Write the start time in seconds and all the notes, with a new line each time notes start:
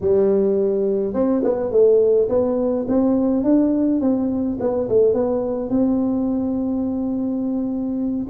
0.00 G3
1.13 C4
1.44 B3
1.71 A3
2.29 B3
2.88 C4
3.43 D4
4.01 C4
4.59 B3
4.89 A3
5.13 B3
5.69 C4